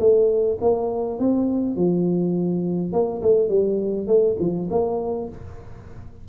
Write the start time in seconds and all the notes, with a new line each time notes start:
0.00 A3
0.61 A#3
1.19 C4
1.76 F3
2.93 A#3
3.23 A3
3.49 G3
4.08 A3
4.40 F3
4.71 A#3